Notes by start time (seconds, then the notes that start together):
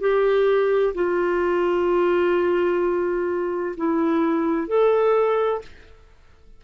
0.00 G4
0.95 F4
3.77 E4
4.68 A4